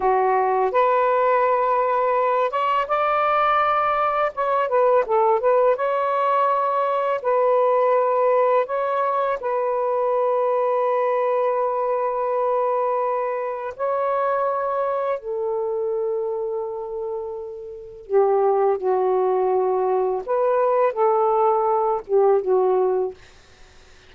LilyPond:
\new Staff \with { instrumentName = "saxophone" } { \time 4/4 \tempo 4 = 83 fis'4 b'2~ b'8 cis''8 | d''2 cis''8 b'8 a'8 b'8 | cis''2 b'2 | cis''4 b'2.~ |
b'2. cis''4~ | cis''4 a'2.~ | a'4 g'4 fis'2 | b'4 a'4. g'8 fis'4 | }